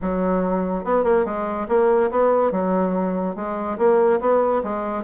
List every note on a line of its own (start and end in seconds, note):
0.01 0.84 F#3
0.84 1.04 B3
1.04 1.25 A#3
1.25 1.67 G#3
1.68 2.10 A#3
2.10 2.51 B3
2.51 3.35 F#3
3.35 3.77 G#3
3.78 4.20 A#3
4.20 4.62 B3
4.63 5.03 G#3